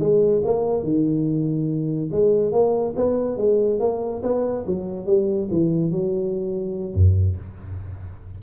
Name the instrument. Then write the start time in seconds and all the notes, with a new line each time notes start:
tuba
0.00 G#3
0.45 A#3
0.84 D#3
2.12 G#3
2.52 A#3
2.96 B3
3.37 G#3
3.80 A#3
4.23 B3
4.67 F#3
5.06 G3
5.51 E3
5.92 F#3
6.94 F#2